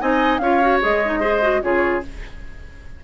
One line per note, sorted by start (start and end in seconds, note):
0.00 0.40 C4
0.00 0.40 D#4
0.00 0.41 D#5
0.00 0.38 G#5
0.38 0.80 C#4
0.38 0.62 F4
0.38 1.20 C#5
0.38 0.79 F5
0.62 0.82 F#4
0.82 1.63 G#3
0.82 1.02 G#4
0.82 1.62 D#5
1.05 1.21 D#4
1.20 1.41 G#4
1.20 1.60 C5
1.42 1.62 F#4
1.62 2.03 C#3
1.62 2.02 F4
1.62 2.04 G#4
1.62 2.03 C#5